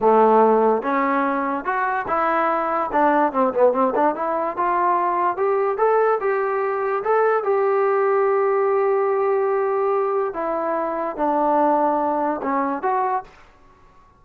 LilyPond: \new Staff \with { instrumentName = "trombone" } { \time 4/4 \tempo 4 = 145 a2 cis'2 | fis'4 e'2 d'4 | c'8 b8 c'8 d'8 e'4 f'4~ | f'4 g'4 a'4 g'4~ |
g'4 a'4 g'2~ | g'1~ | g'4 e'2 d'4~ | d'2 cis'4 fis'4 | }